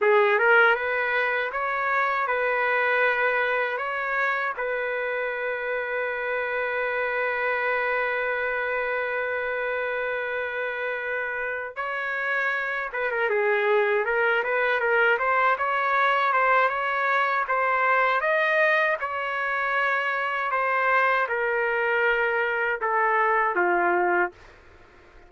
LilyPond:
\new Staff \with { instrumentName = "trumpet" } { \time 4/4 \tempo 4 = 79 gis'8 ais'8 b'4 cis''4 b'4~ | b'4 cis''4 b'2~ | b'1~ | b'2.~ b'8 cis''8~ |
cis''4 b'16 ais'16 gis'4 ais'8 b'8 ais'8 | c''8 cis''4 c''8 cis''4 c''4 | dis''4 cis''2 c''4 | ais'2 a'4 f'4 | }